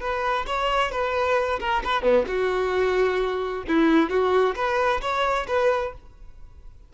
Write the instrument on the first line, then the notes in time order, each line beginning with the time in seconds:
violin
0.00 B4
0.46 C#5
0.91 B4
1.59 A#4
1.84 B4
2.02 B3
2.27 F#4
3.68 E4
4.09 F#4
4.55 B4
5.01 C#5
5.47 B4